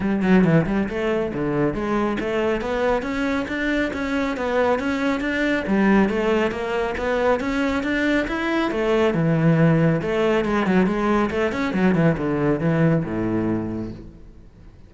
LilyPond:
\new Staff \with { instrumentName = "cello" } { \time 4/4 \tempo 4 = 138 g8 fis8 e8 g8 a4 d4 | gis4 a4 b4 cis'4 | d'4 cis'4 b4 cis'4 | d'4 g4 a4 ais4 |
b4 cis'4 d'4 e'4 | a4 e2 a4 | gis8 fis8 gis4 a8 cis'8 fis8 e8 | d4 e4 a,2 | }